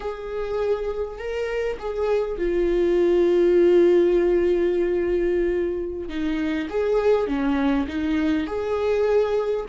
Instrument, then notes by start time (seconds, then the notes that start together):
viola
0.00 G#4
1.18 A#4
1.79 G#4
2.38 F4
6.09 D#4
6.69 G#4
7.27 C#4
7.87 D#4
8.47 G#4